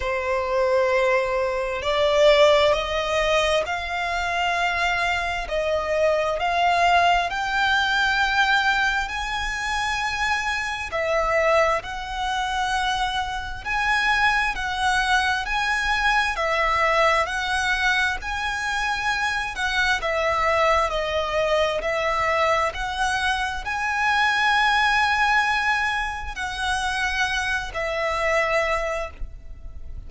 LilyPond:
\new Staff \with { instrumentName = "violin" } { \time 4/4 \tempo 4 = 66 c''2 d''4 dis''4 | f''2 dis''4 f''4 | g''2 gis''2 | e''4 fis''2 gis''4 |
fis''4 gis''4 e''4 fis''4 | gis''4. fis''8 e''4 dis''4 | e''4 fis''4 gis''2~ | gis''4 fis''4. e''4. | }